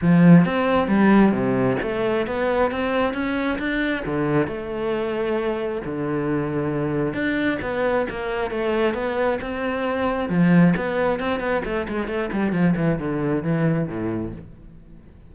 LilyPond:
\new Staff \with { instrumentName = "cello" } { \time 4/4 \tempo 4 = 134 f4 c'4 g4 c4 | a4 b4 c'4 cis'4 | d'4 d4 a2~ | a4 d2. |
d'4 b4 ais4 a4 | b4 c'2 f4 | b4 c'8 b8 a8 gis8 a8 g8 | f8 e8 d4 e4 a,4 | }